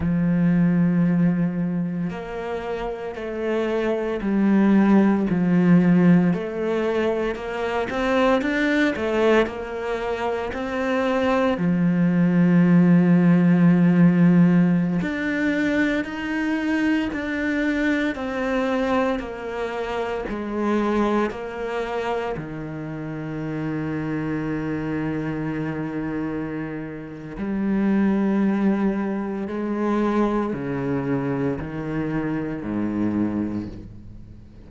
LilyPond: \new Staff \with { instrumentName = "cello" } { \time 4/4 \tempo 4 = 57 f2 ais4 a4 | g4 f4 a4 ais8 c'8 | d'8 a8 ais4 c'4 f4~ | f2~ f16 d'4 dis'8.~ |
dis'16 d'4 c'4 ais4 gis8.~ | gis16 ais4 dis2~ dis8.~ | dis2 g2 | gis4 cis4 dis4 gis,4 | }